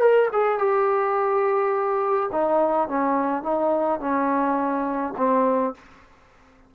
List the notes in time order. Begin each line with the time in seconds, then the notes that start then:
0.00 A#4
0.32 G#4
0.59 G4
2.32 D#4
2.89 C#4
3.43 D#4
4.00 C#4
5.17 C4